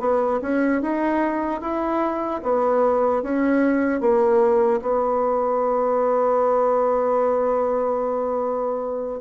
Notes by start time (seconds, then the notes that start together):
0.00 B3
0.42 C#4
0.82 D#4
1.61 E4
2.43 B3
3.23 C#4
4.01 A#3
4.82 B3